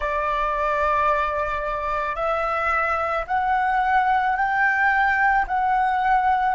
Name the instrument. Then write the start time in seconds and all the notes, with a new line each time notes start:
flute
0.00 D5
2.15 E5
3.27 F#5
4.36 G5
5.47 F#5